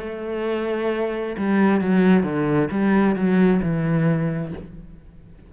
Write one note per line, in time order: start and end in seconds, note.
0.00 1.36 A3
1.38 1.81 G3
1.81 2.24 F#3
2.24 2.69 D3
2.71 3.16 G3
3.16 3.61 F#3
3.62 4.53 E3